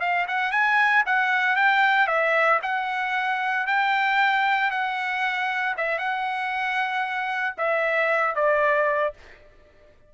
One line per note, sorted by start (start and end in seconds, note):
0.00 0.26 F5
0.28 0.52 F#5
0.52 1.04 G#5
1.06 1.56 F#5
1.56 2.08 G5
2.08 2.60 E5
2.63 3.67 F#5
3.67 4.71 G5
4.71 5.75 F#5
5.77 5.99 E5
5.99 7.55 F#5
7.58 8.35 E5
8.35 9.14 D5